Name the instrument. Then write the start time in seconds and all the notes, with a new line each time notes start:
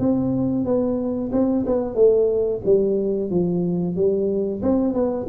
tuba
0.00 C4
0.66 B3
1.33 C4
1.67 B3
1.95 A3
2.66 G3
3.31 F3
3.96 G3
4.63 C4
4.94 B3